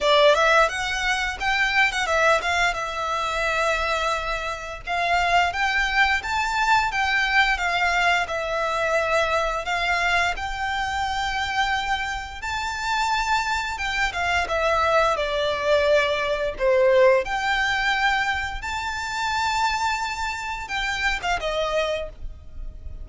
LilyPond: \new Staff \with { instrumentName = "violin" } { \time 4/4 \tempo 4 = 87 d''8 e''8 fis''4 g''8. fis''16 e''8 f''8 | e''2. f''4 | g''4 a''4 g''4 f''4 | e''2 f''4 g''4~ |
g''2 a''2 | g''8 f''8 e''4 d''2 | c''4 g''2 a''4~ | a''2 g''8. f''16 dis''4 | }